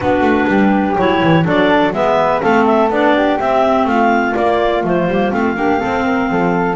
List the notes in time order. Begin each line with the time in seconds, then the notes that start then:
0.00 B3 D4 F#4 B4
0.21 A3
0.47 G3 G4
0.98 F#3 E4 C#5
1.22 E3
1.43 F#3 D4 A4 D5
1.92 G#3 B3 B4 E5
2.41 A3 C4 A4 F5
2.65 E5
2.89 B3 D4 D5
3.15 G4
3.39 C4 E5
3.85 A3 F4 F5
4.34 A#3 D5
4.83 F3 A3 C5
5.07 G3 A#3
5.31 A3 C4 F5
5.56 A#3 D4 G4
5.78 C4 A4
5.85 C4
6.04 A#4
6.30 F3 A4